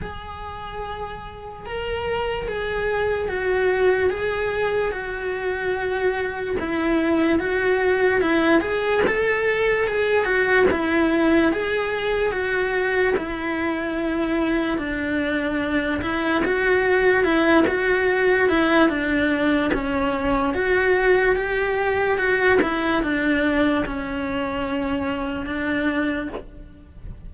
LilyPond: \new Staff \with { instrumentName = "cello" } { \time 4/4 \tempo 4 = 73 gis'2 ais'4 gis'4 | fis'4 gis'4 fis'2 | e'4 fis'4 e'8 gis'8 a'4 | gis'8 fis'8 e'4 gis'4 fis'4 |
e'2 d'4. e'8 | fis'4 e'8 fis'4 e'8 d'4 | cis'4 fis'4 g'4 fis'8 e'8 | d'4 cis'2 d'4 | }